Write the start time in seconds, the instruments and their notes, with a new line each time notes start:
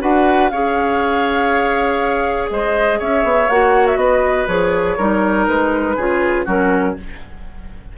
0.00 bassoon D4, clarinet F#4, oboe B4, flute F#5
0.49 bassoon C#4, clarinet G#4, oboe C#5, flute F5
2.50 bassoon G#3, oboe C5, flute D#5
2.99 bassoon C#4, oboe C#5, flute E5
3.24 bassoon B3
3.49 bassoon A#3, clarinet F#4, flute F#5
3.87 flute E5
3.96 bassoon B3, oboe B4, flute D#5
4.47 bassoon F3, clarinet G#4, flute C#5
4.97 bassoon G3, clarinet D#4, oboe A#4
5.47 bassoon G#3, flute B4
5.96 bassoon C#3, clarinet F4, oboe G#4
6.45 bassoon F#3, clarinet C#4, oboe F#4, flute A#4